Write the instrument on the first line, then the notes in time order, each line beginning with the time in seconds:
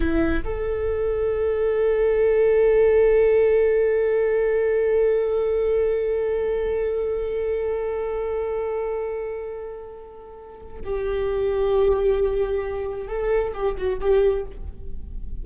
viola
0.00 E4
0.44 A4
10.84 G4
13.08 A4
13.53 G4
13.77 F#4
14.00 G4